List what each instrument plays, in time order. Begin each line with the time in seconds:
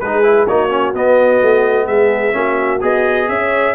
0.00 tuba G#3, horn G#4, trumpet B4
0.06 trombone D#4
0.24 trombone E4
0.47 tuba A#3, trombone D#4, horn F#4, trumpet C#5
0.70 trombone C#4
0.94 tuba B3, trombone B3, trumpet D#5
1.42 tuba A3
1.87 tuba G#3, horn G#4, trumpet E5
2.33 tuba A#3, trombone C#4, horn F#4
2.82 tuba B3, trombone G#4, trumpet D#5
3.29 tuba C#4, horn C#5, trumpet E5